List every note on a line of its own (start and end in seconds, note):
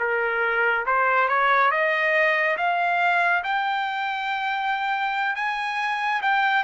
0.00 0.86 A#4
0.86 1.29 C5
1.29 1.71 C#5
1.71 2.57 D#5
2.58 3.44 F5
3.44 5.36 G5
5.36 6.22 G#5
6.22 6.64 G5